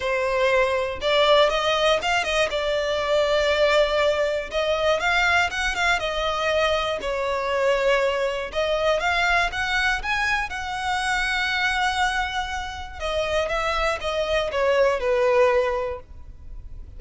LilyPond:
\new Staff \with { instrumentName = "violin" } { \time 4/4 \tempo 4 = 120 c''2 d''4 dis''4 | f''8 dis''8 d''2.~ | d''4 dis''4 f''4 fis''8 f''8 | dis''2 cis''2~ |
cis''4 dis''4 f''4 fis''4 | gis''4 fis''2.~ | fis''2 dis''4 e''4 | dis''4 cis''4 b'2 | }